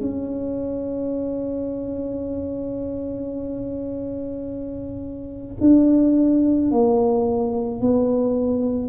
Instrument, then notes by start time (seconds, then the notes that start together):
tuba
0.00 C#4
5.60 D4
6.71 A#3
7.80 B3